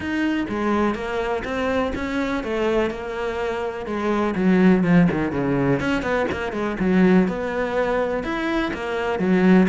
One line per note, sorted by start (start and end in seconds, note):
0.00 0.46 D#4
0.48 0.94 G#3
0.94 1.43 A#3
1.44 1.92 C4
1.95 2.43 C#4
2.43 2.90 A3
2.90 3.86 A#3
3.86 4.34 G#3
4.35 4.83 F#3
4.83 5.07 F3
5.11 5.31 D#3
5.31 5.80 C#3
5.80 6.02 C#4
6.02 6.26 B3
6.31 6.52 A#3
6.52 6.76 G#3
6.79 7.27 F#3
7.28 8.23 B3
8.23 8.71 E4
8.73 9.19 A#3
9.19 9.67 F#3